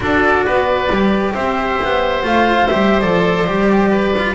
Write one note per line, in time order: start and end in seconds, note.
0.00 0.45 D4
0.00 0.88 F#4
0.00 0.45 A4
0.00 1.33 D5
0.45 0.89 B3
0.45 1.34 B4
0.89 1.34 G3
0.89 2.22 G4
1.33 1.79 C4
1.33 3.90 C5
1.33 2.23 E5
1.83 2.24 B3
2.22 2.68 A3
2.22 2.67 F4
2.22 2.67 F5
2.67 3.03 G3
2.67 3.01 G4
2.67 3.00 E5
3.00 3.47 F3
3.00 3.46 A4
3.00 4.34 D5
3.46 4.34 G3
3.46 4.13 G4
3.90 4.34 B4
4.18 4.34 F4